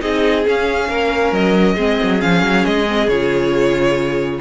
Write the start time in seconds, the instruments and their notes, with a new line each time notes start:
0.00 cello C4, viola D#4, violin G#4 D#5
0.45 viola C#4, cello C#4, violin F5
0.88 cello A#3, violin A#4
1.32 cello F#3, violin D#5
1.75 cello G#3, viola C4, violin G#4
2.02 cello F#3
2.19 cello F3, viola C#4, violin F5
2.42 cello F#3
2.65 cello G#3, violin D#5
2.87 viola C4
3.07 cello C#3, viola F4, violin C#5